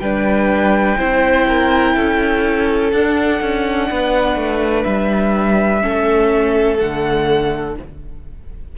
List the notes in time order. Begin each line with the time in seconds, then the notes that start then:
0.00 G3 D4 B4 G5
0.97 C4 E4 C5
1.48 A#4
1.96 C#4 A4
2.92 D4 F#5
3.41 C#4
3.90 B3 B4
4.36 A3
4.83 G3 E5
5.81 A3 C#4 A4
6.77 D3 A3 F#5